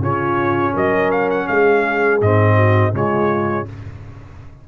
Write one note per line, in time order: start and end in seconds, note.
0.00 0.73 C#3
0.00 2.22 C#4
0.00 0.74 F4
0.00 0.77 C#5
0.74 1.49 F#3
0.74 1.47 A#4
0.74 1.11 D#5
1.11 1.30 F5
1.30 1.48 F#5
1.47 2.21 G#3
1.47 2.56 G#4
1.47 2.21 F5
2.21 2.94 G#2
2.21 2.93 C4
2.21 2.95 D#5
2.56 2.92 F#4
2.93 3.67 C#3
2.93 3.66 G#3
2.93 3.68 F4
2.93 3.69 C#5